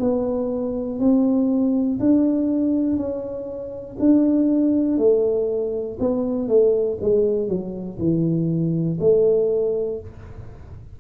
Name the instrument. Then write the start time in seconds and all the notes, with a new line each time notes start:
tuba
0.00 B3
1.00 C4
2.00 D4
2.97 C#4
3.99 D4
4.98 A3
6.00 B3
6.48 A3
7.01 G#3
7.49 F#3
7.99 E3
9.00 A3